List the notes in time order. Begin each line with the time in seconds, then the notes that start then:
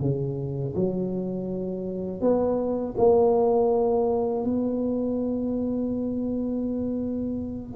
0.00 C#3
0.75 F#3
2.21 B3
2.97 A#3
4.44 B3